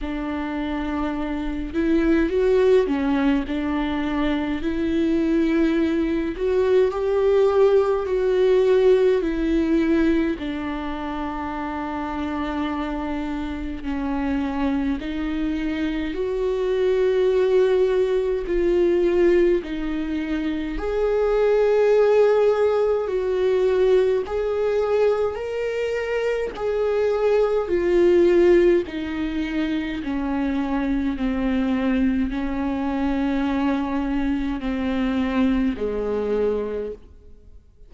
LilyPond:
\new Staff \with { instrumentName = "viola" } { \time 4/4 \tempo 4 = 52 d'4. e'8 fis'8 cis'8 d'4 | e'4. fis'8 g'4 fis'4 | e'4 d'2. | cis'4 dis'4 fis'2 |
f'4 dis'4 gis'2 | fis'4 gis'4 ais'4 gis'4 | f'4 dis'4 cis'4 c'4 | cis'2 c'4 gis4 | }